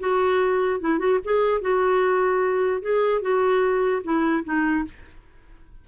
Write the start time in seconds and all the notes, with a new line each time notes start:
0.00 F#4
0.81 E4
0.99 F#4
1.25 G#4
1.62 F#4
2.82 G#4
3.22 F#4
4.04 E4
4.45 D#4